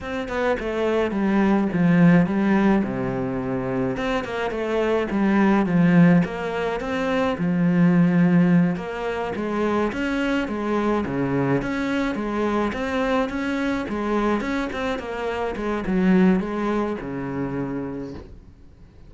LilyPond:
\new Staff \with { instrumentName = "cello" } { \time 4/4 \tempo 4 = 106 c'8 b8 a4 g4 f4 | g4 c2 c'8 ais8 | a4 g4 f4 ais4 | c'4 f2~ f8 ais8~ |
ais8 gis4 cis'4 gis4 cis8~ | cis8 cis'4 gis4 c'4 cis'8~ | cis'8 gis4 cis'8 c'8 ais4 gis8 | fis4 gis4 cis2 | }